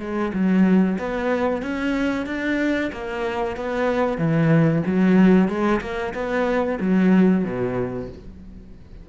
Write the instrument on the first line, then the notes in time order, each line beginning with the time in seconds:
cello
0.00 G#3
0.34 F#3
0.99 B3
1.62 C#4
2.26 D4
2.92 A#3
3.57 B3
4.18 E3
4.86 F#3
5.48 G#3
5.81 A#3
6.14 B3
6.80 F#3
7.45 B2